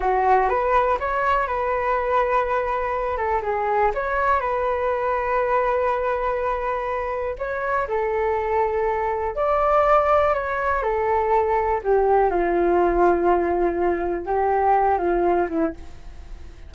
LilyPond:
\new Staff \with { instrumentName = "flute" } { \time 4/4 \tempo 4 = 122 fis'4 b'4 cis''4 b'4~ | b'2~ b'8 a'8 gis'4 | cis''4 b'2.~ | b'2. cis''4 |
a'2. d''4~ | d''4 cis''4 a'2 | g'4 f'2.~ | f'4 g'4. f'4 e'8 | }